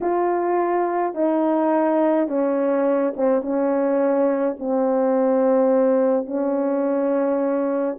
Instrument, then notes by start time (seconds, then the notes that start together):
horn
0.01 F4
1.14 D#4
2.28 C#4
3.16 C4
3.42 C#4
4.59 C4
6.26 C#4